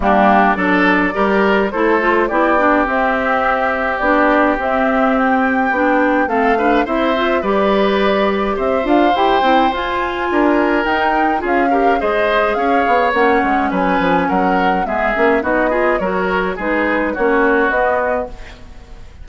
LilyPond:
<<
  \new Staff \with { instrumentName = "flute" } { \time 4/4 \tempo 4 = 105 g'4 d''2 c''4 | d''4 e''2 d''4 | e''4 g''2 f''4 | e''4 d''2 e''8 f''8 |
g''4 gis''2 g''4 | f''4 dis''4 f''4 fis''4 | gis''4 fis''4 e''4 dis''4 | cis''4 b'4 cis''4 dis''4 | }
  \new Staff \with { instrumentName = "oboe" } { \time 4/4 d'4 a'4 ais'4 a'4 | g'1~ | g'2. a'8 b'8 | c''4 b'2 c''4~ |
c''2 ais'2 | gis'8 ais'8 c''4 cis''2 | b'4 ais'4 gis'4 fis'8 gis'8 | ais'4 gis'4 fis'2 | }
  \new Staff \with { instrumentName = "clarinet" } { \time 4/4 ais4 d'4 g'4 e'8 f'8 | e'8 d'8 c'2 d'4 | c'2 d'4 c'8 d'8 | e'8 f'8 g'2~ g'8 f'8 |
g'8 e'8 f'2 dis'4 | f'8 g'8 gis'2 cis'4~ | cis'2 b8 cis'8 dis'8 f'8 | fis'4 dis'4 cis'4 b4 | }
  \new Staff \with { instrumentName = "bassoon" } { \time 4/4 g4 fis4 g4 a4 | b4 c'2 b4 | c'2 b4 a4 | c'4 g2 c'8 d'8 |
e'8 c'8 f'4 d'4 dis'4 | cis'4 gis4 cis'8 b8 ais8 gis8 | fis8 f8 fis4 gis8 ais8 b4 | fis4 gis4 ais4 b4 | }
>>